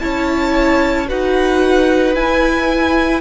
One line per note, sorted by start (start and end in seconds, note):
0.00 1.11 C#4
0.00 1.08 E4
0.00 1.08 C#5
0.00 1.07 A5
1.08 2.16 D#4
1.08 2.16 F#4
1.08 3.21 B4
1.08 2.15 F#5
2.15 3.21 E4
2.15 3.21 G#5